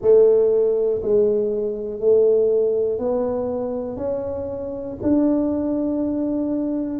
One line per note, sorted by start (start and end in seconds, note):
0.01 1.01 A3
1.02 2.00 G#3
2.00 2.99 A3
2.99 3.96 B3
3.96 4.96 C#4
5.02 7.00 D4